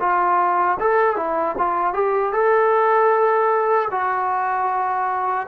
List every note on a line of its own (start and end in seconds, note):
0.00 0.78 F4
0.80 1.16 A4
1.16 1.55 E4
1.58 1.93 F4
1.93 2.32 G4
2.32 3.88 A4
3.91 5.47 F#4